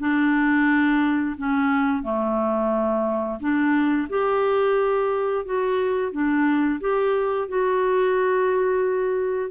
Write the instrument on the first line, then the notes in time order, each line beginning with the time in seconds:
clarinet
0.00 D4
1.38 C#4
2.03 A3
3.40 D4
4.09 G4
5.45 F#4
6.12 D4
6.81 G4
7.49 F#4